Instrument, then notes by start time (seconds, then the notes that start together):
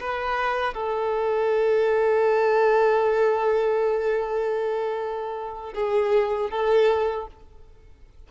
violin
0.00 B4
0.73 A4
5.74 G#4
6.50 A4